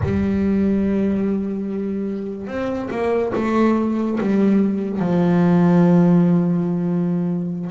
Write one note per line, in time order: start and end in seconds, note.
0.03 2.47 G3
2.47 2.89 C4
2.91 3.32 A#3
3.35 4.18 A3
4.20 4.99 G3
4.99 7.70 F3